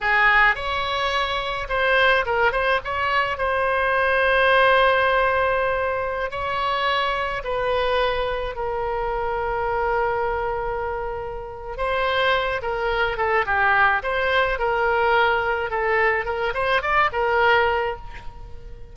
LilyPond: \new Staff \with { instrumentName = "oboe" } { \time 4/4 \tempo 4 = 107 gis'4 cis''2 c''4 | ais'8 c''8 cis''4 c''2~ | c''2.~ c''16 cis''8.~ | cis''4~ cis''16 b'2 ais'8.~ |
ais'1~ | ais'4 c''4. ais'4 a'8 | g'4 c''4 ais'2 | a'4 ais'8 c''8 d''8 ais'4. | }